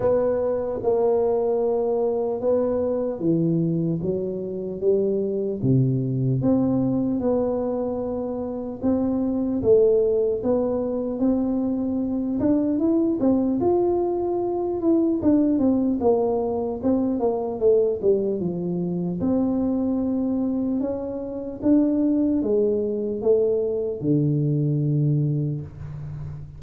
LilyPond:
\new Staff \with { instrumentName = "tuba" } { \time 4/4 \tempo 4 = 75 b4 ais2 b4 | e4 fis4 g4 c4 | c'4 b2 c'4 | a4 b4 c'4. d'8 |
e'8 c'8 f'4. e'8 d'8 c'8 | ais4 c'8 ais8 a8 g8 f4 | c'2 cis'4 d'4 | gis4 a4 d2 | }